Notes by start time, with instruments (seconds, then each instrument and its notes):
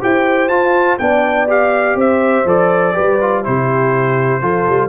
0.00 tuba E4, trombone G4, horn C5, trumpet G5
0.48 tuba F4, trombone F4, trumpet A5
0.98 tuba B3, trombone D4, horn D5, trumpet G5
1.47 trombone G4, trumpet F5
1.95 tuba C4, horn C5, trumpet E5
2.45 tuba F3, trombone A4, trumpet D5
2.94 tuba G3, trombone G4, horn B4
3.20 trombone F4
3.43 tuba C3, trombone E4, horn G4, trumpet C5
4.41 tuba F3, trombone F4, horn A4
4.68 tuba G3